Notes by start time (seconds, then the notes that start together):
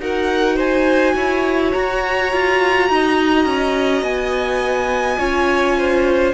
0.00 D#4 F#4 A#4 F#5
0.56 C5 G#5
1.16 E4 C#5
1.73 F#4 A#5
2.33 F4
2.90 D#4 D#5
3.46 C#4
4.03 B3 G#5
5.19 C#4 F4 C#5
5.78 C5